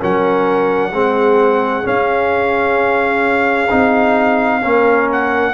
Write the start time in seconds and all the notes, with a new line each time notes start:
0.00 F#3 C#4 A#4 F#5
0.93 G#3 C4 G#4
1.84 C#4 F5
3.70 C4 D#4
4.62 A#3 C#4 A#4
5.12 F#5